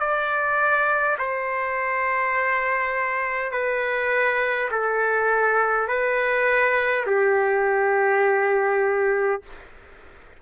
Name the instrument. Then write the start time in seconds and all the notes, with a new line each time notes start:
trumpet
0.00 D5
1.19 C5
3.52 B4
4.71 A4
5.88 B4
7.06 G4